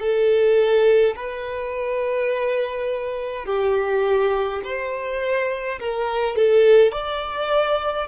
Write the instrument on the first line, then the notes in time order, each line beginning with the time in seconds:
violin
0.00 A4
1.16 B4
3.46 G4
4.64 C5
5.80 A#4
6.36 A4
6.92 D5